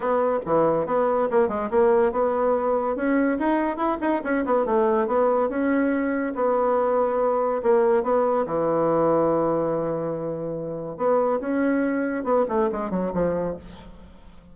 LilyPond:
\new Staff \with { instrumentName = "bassoon" } { \time 4/4 \tempo 4 = 142 b4 e4 b4 ais8 gis8 | ais4 b2 cis'4 | dis'4 e'8 dis'8 cis'8 b8 a4 | b4 cis'2 b4~ |
b2 ais4 b4 | e1~ | e2 b4 cis'4~ | cis'4 b8 a8 gis8 fis8 f4 | }